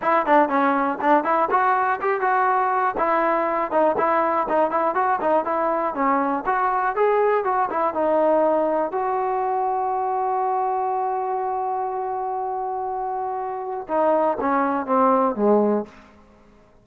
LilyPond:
\new Staff \with { instrumentName = "trombone" } { \time 4/4 \tempo 4 = 121 e'8 d'8 cis'4 d'8 e'8 fis'4 | g'8 fis'4. e'4. dis'8 | e'4 dis'8 e'8 fis'8 dis'8 e'4 | cis'4 fis'4 gis'4 fis'8 e'8 |
dis'2 fis'2~ | fis'1~ | fis'1 | dis'4 cis'4 c'4 gis4 | }